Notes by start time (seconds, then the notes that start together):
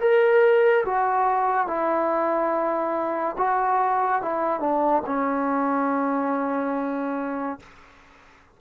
0.00 A#4
0.85 F#4
1.67 E4
3.38 F#4
4.22 E4
4.60 D4
5.06 C#4